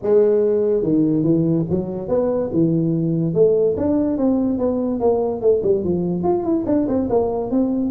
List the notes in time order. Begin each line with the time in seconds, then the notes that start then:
0.02 G#3
0.82 D#3
1.23 E3
1.70 F#3
2.08 B3
2.52 E3
3.33 A3
3.77 D4
4.17 C4
4.58 B3
5.00 A#3
5.41 A3
5.63 G3
5.84 F3
6.23 F4
6.43 E4
6.66 D4
6.88 C4
7.09 A#3
7.50 C4